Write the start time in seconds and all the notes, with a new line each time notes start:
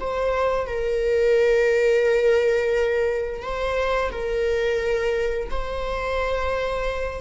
0.00 C5
0.66 A#4
3.42 C5
4.12 A#4
5.51 C5